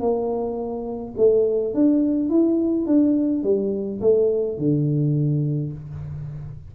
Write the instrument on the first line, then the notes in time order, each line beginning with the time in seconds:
tuba
0.00 A#3
1.17 A3
1.74 D4
2.30 E4
2.86 D4
3.43 G3
4.01 A3
4.58 D3